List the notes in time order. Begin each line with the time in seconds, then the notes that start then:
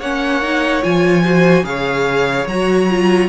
0.00 A#3 C#4 C#5 F#5
0.42 D#4
0.82 F3 F4 G#5
1.23 F#4 C5
1.63 C#3 G#4 C#5 F5
2.47 F#3 F#4 A#5
2.90 F4